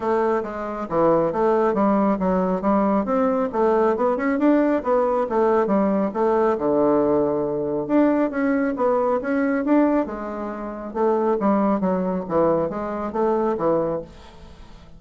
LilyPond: \new Staff \with { instrumentName = "bassoon" } { \time 4/4 \tempo 4 = 137 a4 gis4 e4 a4 | g4 fis4 g4 c'4 | a4 b8 cis'8 d'4 b4 | a4 g4 a4 d4~ |
d2 d'4 cis'4 | b4 cis'4 d'4 gis4~ | gis4 a4 g4 fis4 | e4 gis4 a4 e4 | }